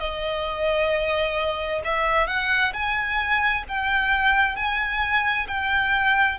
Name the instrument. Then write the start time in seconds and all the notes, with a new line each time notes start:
violin
0.00 D#5
1.85 E5
2.27 F#5
2.73 G#5
3.69 G5
4.56 G#5
5.48 G5